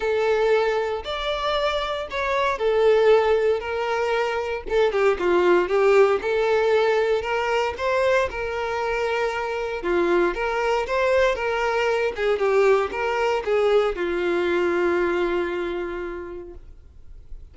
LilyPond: \new Staff \with { instrumentName = "violin" } { \time 4/4 \tempo 4 = 116 a'2 d''2 | cis''4 a'2 ais'4~ | ais'4 a'8 g'8 f'4 g'4 | a'2 ais'4 c''4 |
ais'2. f'4 | ais'4 c''4 ais'4. gis'8 | g'4 ais'4 gis'4 f'4~ | f'1 | }